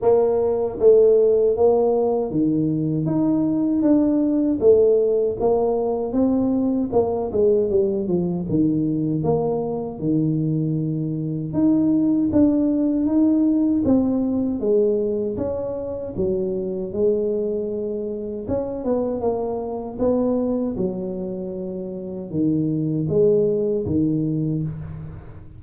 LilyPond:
\new Staff \with { instrumentName = "tuba" } { \time 4/4 \tempo 4 = 78 ais4 a4 ais4 dis4 | dis'4 d'4 a4 ais4 | c'4 ais8 gis8 g8 f8 dis4 | ais4 dis2 dis'4 |
d'4 dis'4 c'4 gis4 | cis'4 fis4 gis2 | cis'8 b8 ais4 b4 fis4~ | fis4 dis4 gis4 dis4 | }